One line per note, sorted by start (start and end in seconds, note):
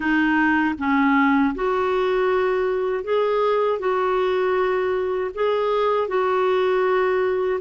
0.00 0.75 D#4
0.78 1.54 C#4
1.55 3.04 F#4
3.04 3.79 G#4
3.79 5.31 F#4
5.34 6.08 G#4
6.08 7.59 F#4